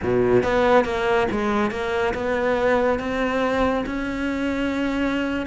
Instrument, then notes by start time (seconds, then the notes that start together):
cello
0.02 B2
0.43 B3
0.84 A#3
1.31 G#3
1.70 A#3
2.14 B3
2.99 C4
3.86 C#4